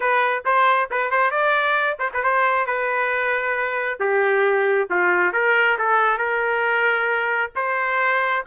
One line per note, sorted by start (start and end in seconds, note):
0.00 0.43 B4
0.45 0.89 C5
0.90 1.10 B4
1.10 1.31 C5
1.31 1.97 D5
1.99 2.10 C5
2.13 2.23 B4
2.23 2.66 C5
2.66 3.99 B4
3.99 4.88 G4
4.90 5.33 F4
5.33 5.77 A#4
5.78 6.17 A4
6.17 7.51 A#4
7.55 8.44 C5